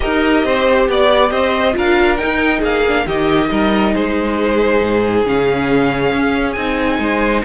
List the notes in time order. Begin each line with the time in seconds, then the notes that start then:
0.00 D#4 G4 A#4 D#5
0.44 C4 C5
0.88 B3 D5
1.30 C4 C5 D#5
1.73 D4 F4 A#4 F5
2.16 D#4 G5
2.23 D#4
2.59 A#3 G#4 F5
2.87 D4
3.06 D#3 D#4 G4 D#5
3.50 G3 A#4
3.94 G#3 G#4 C5
4.81 G#2
5.25 C#3 C#4 F5
6.12 C#4
6.53 C4 D#4 G#5
6.98 G#3 C5